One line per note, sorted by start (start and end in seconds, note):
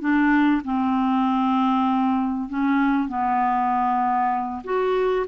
0.00 0.62 D4
0.64 2.49 C4
2.49 3.08 C#4
3.08 4.63 B3
4.64 5.25 F#4